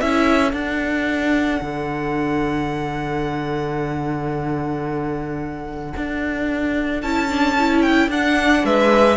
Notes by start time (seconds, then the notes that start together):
0.00 C#4 E4 A4 E5
0.52 D4 F#5
1.61 D3
5.97 D4
7.02 C#4 E4 A5
7.30 D4
7.58 E4
7.82 G5
8.08 D4 F#5
8.65 G#3 B4 E5